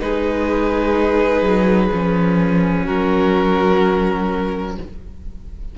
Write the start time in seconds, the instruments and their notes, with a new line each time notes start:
0.00 cello G#3, viola D#4, violin G#4 B4
1.42 cello F#3
1.91 cello F3, viola C#4
2.85 cello F#3, violin F#4 A#4